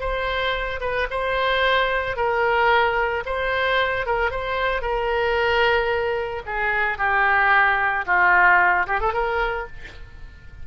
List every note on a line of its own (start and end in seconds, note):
0.00 0.80 C5
0.81 1.07 B4
1.11 2.17 C5
2.17 3.24 A#4
3.26 4.06 C5
4.06 4.31 A#4
4.31 4.82 C5
4.82 6.43 A#4
6.46 6.98 G#4
6.98 8.05 G4
8.06 8.87 F4
8.87 9.00 G4
9.00 9.14 A4
9.14 9.67 A#4